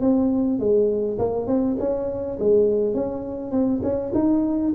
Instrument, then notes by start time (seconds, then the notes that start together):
tuba
0.00 C4
0.59 G#3
1.18 A#3
1.47 C4
1.79 C#4
2.39 G#3
2.94 C#4
3.51 C4
3.83 C#4
4.14 D#4